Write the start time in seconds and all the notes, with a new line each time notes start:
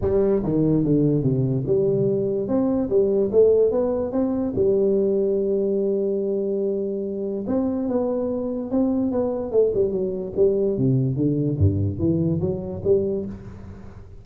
0.01 G3
0.43 D#3
0.84 D3
1.22 C3
1.66 G3
2.47 C4
2.89 G3
3.31 A3
3.71 B3
4.12 C4
4.55 G3
7.47 C4
7.88 B3
8.70 C4
9.11 B3
9.51 A3
9.74 G3
9.91 F#3
10.36 G3
10.77 C3
11.16 D3
11.58 G2
11.98 E3
12.40 F#3
12.84 G3